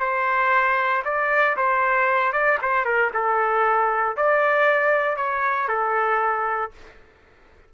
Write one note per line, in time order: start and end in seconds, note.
0.00 1.03 C5
1.05 1.57 D5
1.57 2.33 C5
2.33 2.59 D5
2.62 2.85 C5
2.85 3.11 A#4
3.14 4.17 A4
4.17 5.17 D5
5.17 5.68 C#5
5.68 6.72 A4